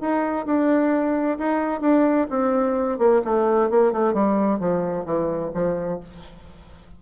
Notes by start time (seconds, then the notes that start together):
0.00 D#4
0.45 D4
1.38 D#4
1.81 D4
2.30 C4
2.98 A#3
3.24 A3
3.70 A#3
3.92 A3
4.13 G3
4.59 F3
5.05 E3
5.54 F3